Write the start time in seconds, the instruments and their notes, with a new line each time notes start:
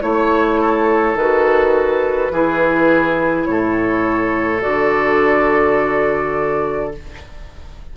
0.00 bassoon A3, clarinet E4, flute C#5, oboe C#5
0.60 oboe A4
1.14 bassoon D#3, clarinet F#4, flute B4
2.30 bassoon E3, clarinet E4, oboe G#4
3.45 bassoon A2, oboe A4, flute C#5
4.60 bassoon D3, clarinet F#4, flute D5